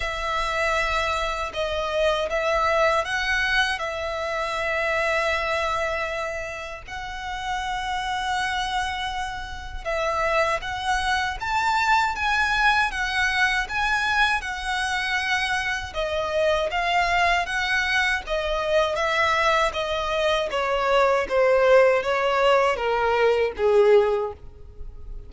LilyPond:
\new Staff \with { instrumentName = "violin" } { \time 4/4 \tempo 4 = 79 e''2 dis''4 e''4 | fis''4 e''2.~ | e''4 fis''2.~ | fis''4 e''4 fis''4 a''4 |
gis''4 fis''4 gis''4 fis''4~ | fis''4 dis''4 f''4 fis''4 | dis''4 e''4 dis''4 cis''4 | c''4 cis''4 ais'4 gis'4 | }